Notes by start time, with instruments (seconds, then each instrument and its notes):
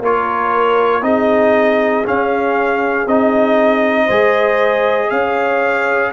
0.00 tuba A#3, trombone F4, horn A#4, trumpet C#5
1.02 tuba C4, trombone D#4, horn G#4, trumpet D#5
2.05 trombone C#4, tuba C#4, trumpet F5
3.06 tuba C4, trombone D#4, trumpet D#5
4.05 tuba G#3, trombone G#4, horn C5
5.10 tuba C#4, horn C#5, trumpet F5